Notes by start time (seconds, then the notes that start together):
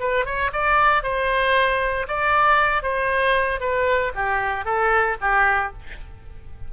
0.00 B4
0.25 C#5
0.53 D5
1.03 C5
2.08 D5
2.83 C5
3.60 B4
4.15 G4
4.65 A4
5.21 G4